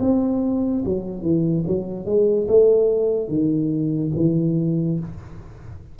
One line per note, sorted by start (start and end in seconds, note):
0.00 0.83 C4
0.85 1.22 F#3
1.22 1.64 E3
1.67 2.05 F#3
2.05 2.47 G#3
2.48 3.28 A3
3.28 4.12 D#3
4.16 4.99 E3